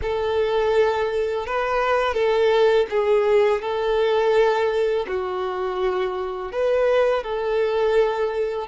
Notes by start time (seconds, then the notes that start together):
0.02 A4
1.46 B4
2.14 A4
2.89 G#4
3.61 A4
5.07 F#4
6.52 B4
7.23 A4